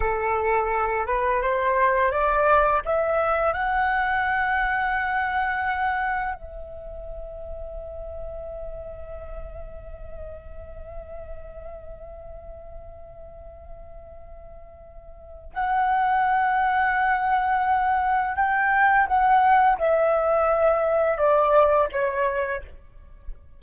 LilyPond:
\new Staff \with { instrumentName = "flute" } { \time 4/4 \tempo 4 = 85 a'4. b'8 c''4 d''4 | e''4 fis''2.~ | fis''4 e''2.~ | e''1~ |
e''1~ | e''2 fis''2~ | fis''2 g''4 fis''4 | e''2 d''4 cis''4 | }